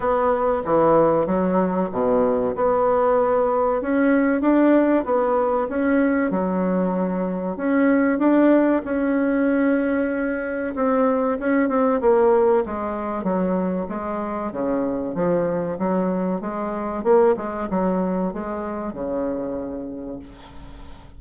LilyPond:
\new Staff \with { instrumentName = "bassoon" } { \time 4/4 \tempo 4 = 95 b4 e4 fis4 b,4 | b2 cis'4 d'4 | b4 cis'4 fis2 | cis'4 d'4 cis'2~ |
cis'4 c'4 cis'8 c'8 ais4 | gis4 fis4 gis4 cis4 | f4 fis4 gis4 ais8 gis8 | fis4 gis4 cis2 | }